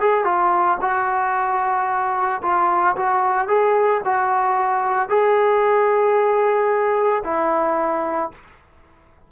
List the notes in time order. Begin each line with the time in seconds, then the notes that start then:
0.00 G#4
0.24 F4
0.81 F#4
2.42 F4
2.96 F#4
3.48 G#4
4.04 F#4
5.09 G#4
7.24 E4